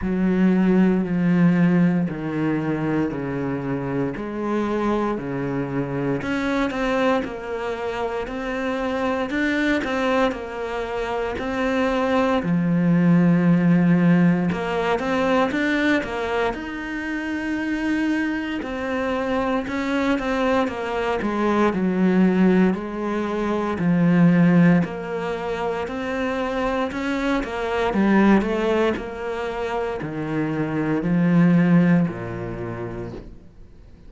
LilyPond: \new Staff \with { instrumentName = "cello" } { \time 4/4 \tempo 4 = 58 fis4 f4 dis4 cis4 | gis4 cis4 cis'8 c'8 ais4 | c'4 d'8 c'8 ais4 c'4 | f2 ais8 c'8 d'8 ais8 |
dis'2 c'4 cis'8 c'8 | ais8 gis8 fis4 gis4 f4 | ais4 c'4 cis'8 ais8 g8 a8 | ais4 dis4 f4 ais,4 | }